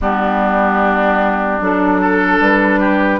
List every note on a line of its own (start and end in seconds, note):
0.01 1.61 G3
0.01 1.61 B3
0.01 2.01 D4
0.01 1.61 G4
1.61 2.40 F#3
1.61 3.19 D4
1.61 2.41 A4
2.01 2.79 A4
2.40 3.19 G3
2.40 3.19 B4
2.79 3.19 G4